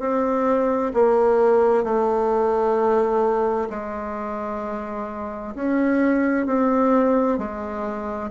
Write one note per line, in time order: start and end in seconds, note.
0.00 0.92 C4
0.94 1.84 A#3
1.84 3.69 A3
3.70 5.55 G#3
5.55 6.46 C#4
6.46 7.38 C4
7.38 8.30 G#3